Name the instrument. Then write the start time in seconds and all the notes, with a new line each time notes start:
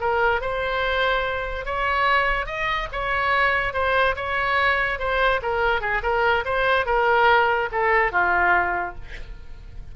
oboe
0.00 A#4
0.41 C5
1.65 C#5
2.46 D#5
2.92 C#5
3.73 C5
4.16 C#5
4.99 C5
5.42 A#4
5.81 G#4
6.02 A#4
6.45 C5
6.85 A#4
7.72 A4
8.12 F4